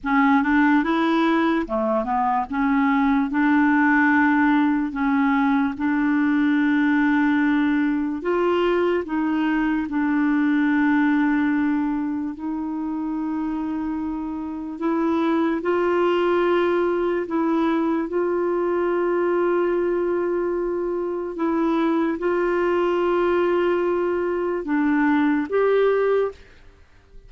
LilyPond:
\new Staff \with { instrumentName = "clarinet" } { \time 4/4 \tempo 4 = 73 cis'8 d'8 e'4 a8 b8 cis'4 | d'2 cis'4 d'4~ | d'2 f'4 dis'4 | d'2. dis'4~ |
dis'2 e'4 f'4~ | f'4 e'4 f'2~ | f'2 e'4 f'4~ | f'2 d'4 g'4 | }